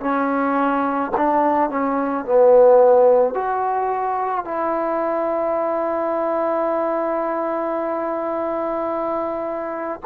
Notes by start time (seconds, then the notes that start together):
0.00 C#4
1.17 D4
1.70 C#4
2.25 B3
3.34 F#4
4.44 E4